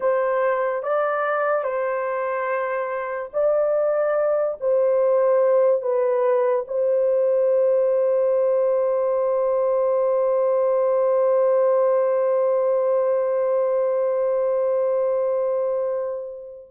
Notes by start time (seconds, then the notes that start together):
0.00 C5
0.82 D5
1.63 C5
3.33 D5
4.60 C5
5.81 B4
6.67 C5